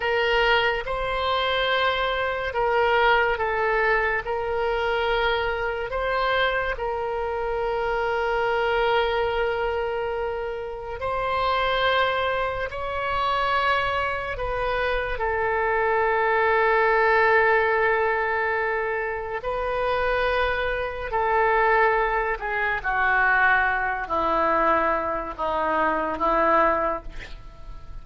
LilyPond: \new Staff \with { instrumentName = "oboe" } { \time 4/4 \tempo 4 = 71 ais'4 c''2 ais'4 | a'4 ais'2 c''4 | ais'1~ | ais'4 c''2 cis''4~ |
cis''4 b'4 a'2~ | a'2. b'4~ | b'4 a'4. gis'8 fis'4~ | fis'8 e'4. dis'4 e'4 | }